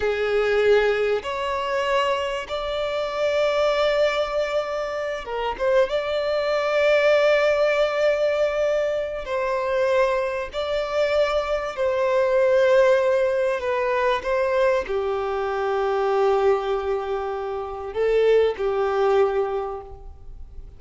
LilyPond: \new Staff \with { instrumentName = "violin" } { \time 4/4 \tempo 4 = 97 gis'2 cis''2 | d''1~ | d''8 ais'8 c''8 d''2~ d''8~ | d''2. c''4~ |
c''4 d''2 c''4~ | c''2 b'4 c''4 | g'1~ | g'4 a'4 g'2 | }